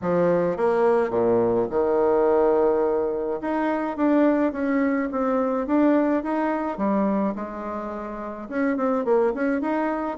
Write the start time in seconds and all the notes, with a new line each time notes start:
0.01 F3
0.57 A#3
1.10 A#2
1.70 D#3
3.41 D#4
3.96 D4
4.52 C#4
5.11 C4
5.67 D4
6.23 D#4
6.77 G3
7.35 G#3
8.49 C#4
8.76 C4
9.04 A#3
9.34 C#4
9.61 D#4